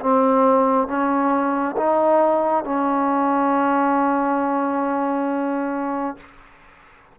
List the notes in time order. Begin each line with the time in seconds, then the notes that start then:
0.00 C4
0.87 C#4
1.76 D#4
2.64 C#4